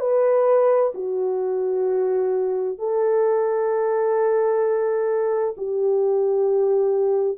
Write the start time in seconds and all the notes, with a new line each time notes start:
0.00 B4
0.95 F#4
2.79 A4
5.57 G4